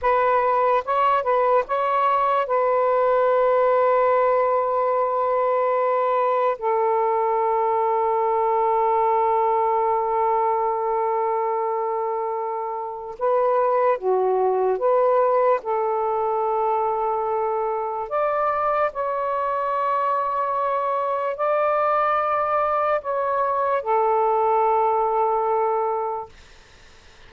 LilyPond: \new Staff \with { instrumentName = "saxophone" } { \time 4/4 \tempo 4 = 73 b'4 cis''8 b'8 cis''4 b'4~ | b'1 | a'1~ | a'1 |
b'4 fis'4 b'4 a'4~ | a'2 d''4 cis''4~ | cis''2 d''2 | cis''4 a'2. | }